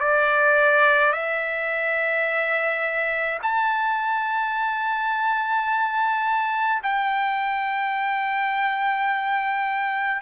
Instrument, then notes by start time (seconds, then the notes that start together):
trumpet
0.00 D5
1.13 E5
3.42 A5
6.83 G5